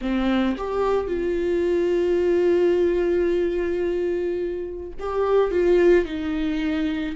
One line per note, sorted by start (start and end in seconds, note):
0.01 0.56 C4
0.57 1.07 G4
1.07 4.92 F4
4.99 5.51 G4
5.51 6.05 F4
6.05 7.15 D#4